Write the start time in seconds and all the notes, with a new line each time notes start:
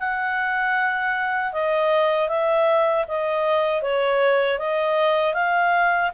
0.00 F#5
1.53 D#5
2.29 E5
3.08 D#5
3.83 C#5
4.59 D#5
5.34 F5